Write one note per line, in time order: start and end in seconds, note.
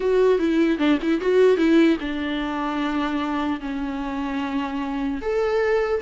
0.00 0.39 F#4
0.39 0.78 E4
0.78 0.98 D4
1.02 1.20 E4
1.20 1.57 F#4
1.57 1.97 E4
2.00 3.60 D4
3.60 5.20 C#4
5.21 6.01 A4